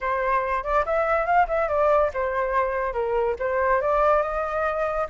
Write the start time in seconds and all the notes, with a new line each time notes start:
0.00 C5
0.63 D5
0.85 E5
1.25 F5
1.47 E5
1.68 D5
2.13 C5
2.93 A#4
3.39 C5
3.81 D5
4.22 D#5